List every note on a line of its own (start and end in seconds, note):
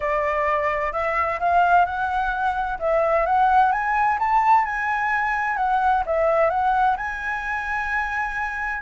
0.00 0.92 D5
0.92 1.39 E5
1.39 1.85 F5
1.85 2.78 F#5
2.79 3.26 E5
3.26 3.72 F#5
3.72 4.18 G#5
4.19 4.65 A5
4.65 5.56 G#5
5.56 6.03 F#5
6.05 6.49 E5
6.49 6.96 F#5
6.96 8.82 G#5